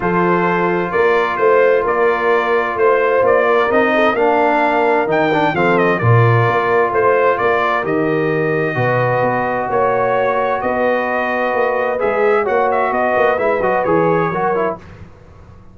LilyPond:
<<
  \new Staff \with { instrumentName = "trumpet" } { \time 4/4 \tempo 4 = 130 c''2 d''4 c''4 | d''2 c''4 d''4 | dis''4 f''2 g''4 | f''8 dis''8 d''2 c''4 |
d''4 dis''2.~ | dis''4 cis''2 dis''4~ | dis''2 e''4 fis''8 e''8 | dis''4 e''8 dis''8 cis''2 | }
  \new Staff \with { instrumentName = "horn" } { \time 4/4 a'2 ais'4 c''4 | ais'2 c''4. ais'8~ | ais'8 a'8 ais'2. | a'4 ais'2 c''4 |
ais'2. b'4~ | b'4 cis''2 b'4~ | b'2. cis''4 | b'2. ais'4 | }
  \new Staff \with { instrumentName = "trombone" } { \time 4/4 f'1~ | f'1 | dis'4 d'2 dis'8 d'8 | c'4 f'2.~ |
f'4 g'2 fis'4~ | fis'1~ | fis'2 gis'4 fis'4~ | fis'4 e'8 fis'8 gis'4 fis'8 e'8 | }
  \new Staff \with { instrumentName = "tuba" } { \time 4/4 f2 ais4 a4 | ais2 a4 ais4 | c'4 ais2 dis4 | f4 ais,4 ais4 a4 |
ais4 dis2 b,4 | b4 ais2 b4~ | b4 ais4 gis4 ais4 | b8 ais8 gis8 fis8 e4 fis4 | }
>>